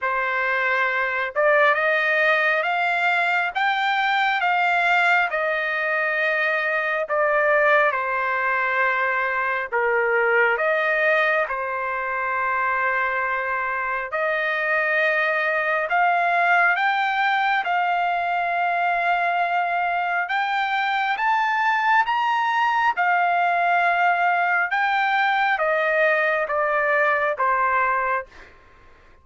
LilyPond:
\new Staff \with { instrumentName = "trumpet" } { \time 4/4 \tempo 4 = 68 c''4. d''8 dis''4 f''4 | g''4 f''4 dis''2 | d''4 c''2 ais'4 | dis''4 c''2. |
dis''2 f''4 g''4 | f''2. g''4 | a''4 ais''4 f''2 | g''4 dis''4 d''4 c''4 | }